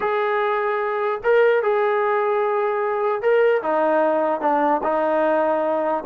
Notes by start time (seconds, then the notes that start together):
0.00 G#4
1.23 A#4
1.62 G#4
3.21 A#4
3.62 D#4
4.41 D4
4.83 D#4